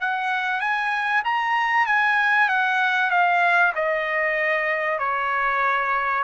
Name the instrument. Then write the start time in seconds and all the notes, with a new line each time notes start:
trumpet
0.00 F#5
0.60 G#5
1.24 A#5
1.86 G#5
2.49 F#5
3.10 F5
3.75 D#5
4.98 C#5